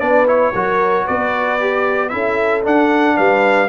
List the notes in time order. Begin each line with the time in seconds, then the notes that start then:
0.00 B3 D4 B4 D5
0.27 E4 C#5
0.54 F#3 F#4 A#4
1.05 B3 B4 D5
1.60 G4
2.09 C#4 E4 A4 E5
2.63 D4 F#5
3.16 G3 B4 F5